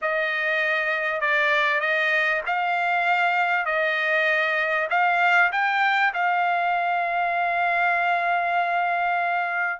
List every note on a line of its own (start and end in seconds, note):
0.01 1.20 D#5
1.20 1.80 D5
1.80 2.41 D#5
2.46 3.65 F5
3.65 4.88 D#5
4.90 5.51 F5
5.51 6.13 G5
6.13 9.80 F5